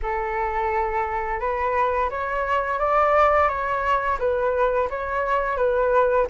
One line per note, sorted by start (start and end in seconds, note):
0.02 1.40 A4
1.40 2.09 B4
2.10 2.79 C#5
2.79 3.48 D5
3.48 4.18 C#5
4.19 4.88 B4
4.90 5.57 C#5
5.57 6.26 B4